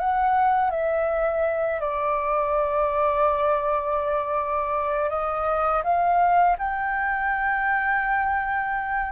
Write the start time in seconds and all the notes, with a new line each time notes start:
0.00 F#5
0.71 E5
1.81 D5
5.10 D#5
5.84 F5
6.59 G5